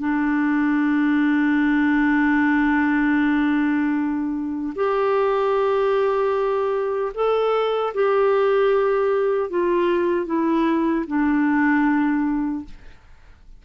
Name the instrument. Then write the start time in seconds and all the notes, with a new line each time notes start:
clarinet
0.00 D4
4.75 G4
7.14 A4
7.94 G4
9.50 F4
10.26 E4
11.07 D4